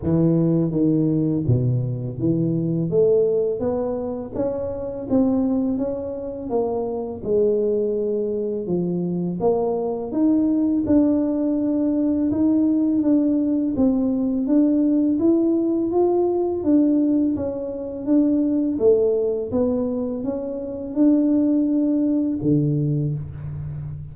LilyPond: \new Staff \with { instrumentName = "tuba" } { \time 4/4 \tempo 4 = 83 e4 dis4 b,4 e4 | a4 b4 cis'4 c'4 | cis'4 ais4 gis2 | f4 ais4 dis'4 d'4~ |
d'4 dis'4 d'4 c'4 | d'4 e'4 f'4 d'4 | cis'4 d'4 a4 b4 | cis'4 d'2 d4 | }